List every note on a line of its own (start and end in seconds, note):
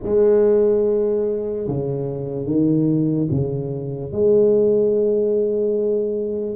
0.03 1.67 G#3
1.67 2.46 C#3
2.46 3.28 D#3
3.31 4.11 C#3
4.11 6.56 G#3